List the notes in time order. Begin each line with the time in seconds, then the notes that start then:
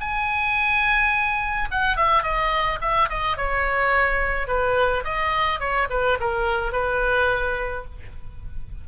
0.00 G#5
1.71 F#5
1.96 E5
2.23 D#5
2.81 E5
3.09 D#5
3.37 C#5
4.47 B4
5.04 D#5
5.59 C#5
5.90 B4
6.20 A#4
6.72 B4